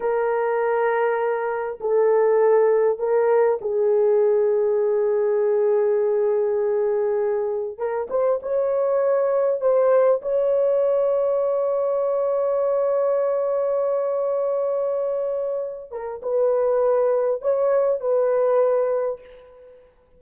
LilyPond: \new Staff \with { instrumentName = "horn" } { \time 4/4 \tempo 4 = 100 ais'2. a'4~ | a'4 ais'4 gis'2~ | gis'1~ | gis'4 ais'8 c''8 cis''2 |
c''4 cis''2.~ | cis''1~ | cis''2~ cis''8 ais'8 b'4~ | b'4 cis''4 b'2 | }